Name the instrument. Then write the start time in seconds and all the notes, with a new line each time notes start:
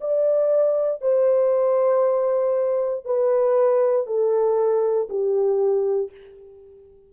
horn
0.00 D5
1.01 C5
3.05 B4
4.06 A4
5.09 G4